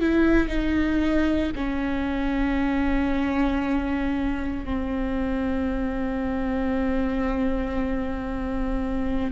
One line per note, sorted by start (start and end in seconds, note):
0.00 0.48 E4
0.48 1.51 D#4
1.56 4.65 C#4
4.65 9.31 C4